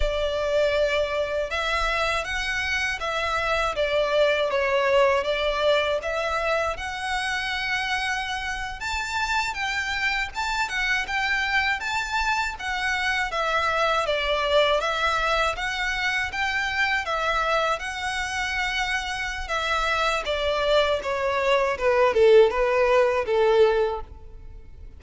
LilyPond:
\new Staff \with { instrumentName = "violin" } { \time 4/4 \tempo 4 = 80 d''2 e''4 fis''4 | e''4 d''4 cis''4 d''4 | e''4 fis''2~ fis''8. a''16~ | a''8. g''4 a''8 fis''8 g''4 a''16~ |
a''8. fis''4 e''4 d''4 e''16~ | e''8. fis''4 g''4 e''4 fis''16~ | fis''2 e''4 d''4 | cis''4 b'8 a'8 b'4 a'4 | }